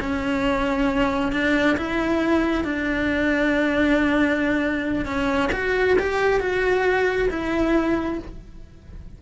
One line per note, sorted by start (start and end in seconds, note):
0.00 1.32 C#4
1.32 1.76 D4
1.77 2.64 E4
2.64 5.05 D4
5.05 5.50 C#4
5.52 5.97 F#4
5.99 6.40 G4
6.40 7.29 F#4
7.30 8.19 E4